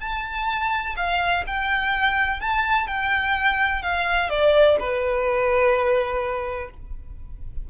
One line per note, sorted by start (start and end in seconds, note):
0.00 0.95 A5
0.96 1.44 F5
1.47 2.40 G5
2.40 2.87 A5
2.87 3.82 G5
3.82 4.29 F5
4.29 4.77 D5
4.79 6.70 B4